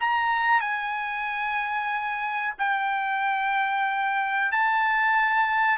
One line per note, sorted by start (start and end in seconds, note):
0.00 0.60 A#5
0.60 2.54 G#5
2.58 4.52 G5
4.52 5.78 A5